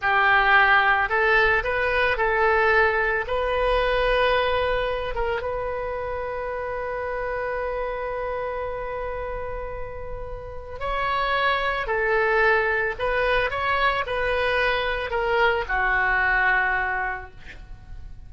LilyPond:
\new Staff \with { instrumentName = "oboe" } { \time 4/4 \tempo 4 = 111 g'2 a'4 b'4 | a'2 b'2~ | b'4. ais'8 b'2~ | b'1~ |
b'1 | cis''2 a'2 | b'4 cis''4 b'2 | ais'4 fis'2. | }